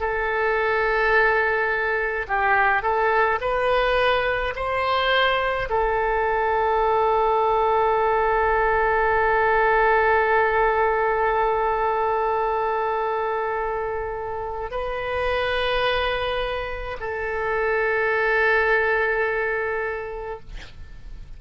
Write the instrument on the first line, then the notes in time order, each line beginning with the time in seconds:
oboe
0.00 A4
2.28 G4
2.83 A4
3.41 B4
4.56 C5
5.70 A4
14.71 B4
17.00 A4